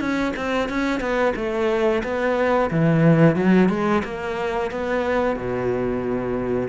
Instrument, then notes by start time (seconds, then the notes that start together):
cello
0.00 C#4
0.36 C4
0.69 C#4
1.00 B3
1.36 A3
2.04 B3
2.71 E3
3.36 F#3
3.69 G#3
4.05 A#3
4.72 B3
5.36 B2